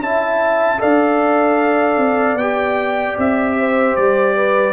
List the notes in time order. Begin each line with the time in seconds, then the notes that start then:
0.00 C#4 E4 E5 A5
0.78 D4 A4 D5 F5
1.97 C4
2.34 B3 G4 G5
3.17 C4 E5
3.59 C5
3.96 G3 D5
4.36 B4